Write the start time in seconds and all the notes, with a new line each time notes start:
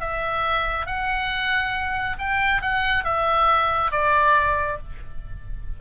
0.00 E5
0.86 F#5
2.18 G5
2.62 F#5
3.04 E5
3.91 D5